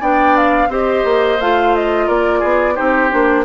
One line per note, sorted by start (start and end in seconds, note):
0.00 0.68 B3
0.00 0.69 D4
0.00 0.69 D5
0.00 0.37 G5
0.37 0.71 F5
0.68 1.03 C4
0.68 1.39 G4
0.68 2.06 C5
0.68 1.41 D#5
1.04 1.39 A#3
1.39 2.08 A3
1.39 2.75 F4
1.39 1.75 F5
1.75 2.09 D#5
2.06 2.43 A#3
2.06 2.39 A#4
2.06 2.76 D5
2.39 2.77 B3
2.39 2.74 G#4
2.75 3.13 C4
2.75 3.10 D#4
2.75 3.44 G4
2.75 3.45 C5
3.10 3.45 A#3
3.10 3.45 D4